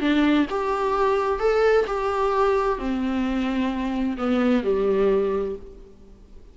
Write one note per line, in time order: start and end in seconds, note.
0.00 0.46 D4
0.50 1.39 G4
1.39 1.85 A4
1.86 2.78 G4
2.78 4.17 C4
4.17 4.63 B3
4.63 5.56 G3